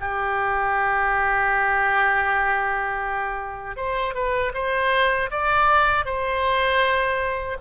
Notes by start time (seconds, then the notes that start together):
0.00 G4
3.77 C5
4.15 B4
4.54 C5
5.31 D5
6.06 C5